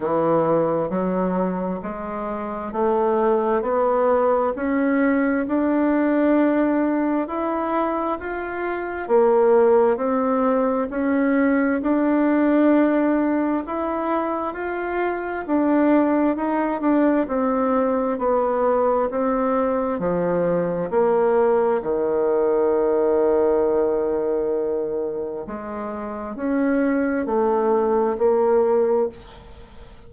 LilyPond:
\new Staff \with { instrumentName = "bassoon" } { \time 4/4 \tempo 4 = 66 e4 fis4 gis4 a4 | b4 cis'4 d'2 | e'4 f'4 ais4 c'4 | cis'4 d'2 e'4 |
f'4 d'4 dis'8 d'8 c'4 | b4 c'4 f4 ais4 | dis1 | gis4 cis'4 a4 ais4 | }